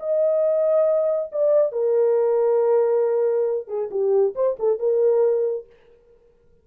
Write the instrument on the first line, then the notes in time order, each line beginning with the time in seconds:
horn
0.00 D#5
1.32 D5
1.72 A#4
3.68 G#4
3.91 G4
4.36 C5
4.60 A4
4.80 A#4